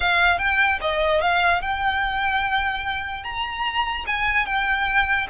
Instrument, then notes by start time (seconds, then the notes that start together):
violin
0.00 F5
0.38 G5
0.81 D#5
1.21 F5
1.61 G5
3.23 A#5
4.06 G#5
4.45 G5